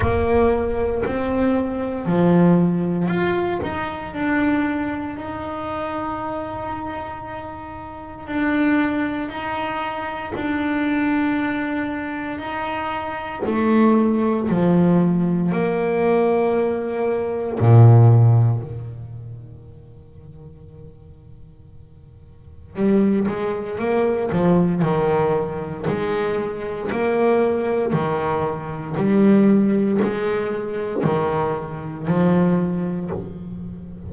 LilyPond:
\new Staff \with { instrumentName = "double bass" } { \time 4/4 \tempo 4 = 58 ais4 c'4 f4 f'8 dis'8 | d'4 dis'2. | d'4 dis'4 d'2 | dis'4 a4 f4 ais4~ |
ais4 ais,4 dis2~ | dis2 g8 gis8 ais8 f8 | dis4 gis4 ais4 dis4 | g4 gis4 dis4 f4 | }